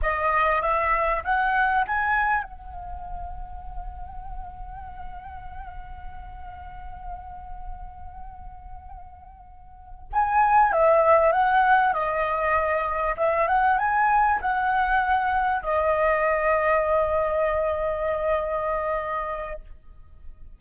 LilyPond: \new Staff \with { instrumentName = "flute" } { \time 4/4 \tempo 4 = 98 dis''4 e''4 fis''4 gis''4 | fis''1~ | fis''1~ | fis''1~ |
fis''8 gis''4 e''4 fis''4 dis''8~ | dis''4. e''8 fis''8 gis''4 fis''8~ | fis''4. dis''2~ dis''8~ | dis''1 | }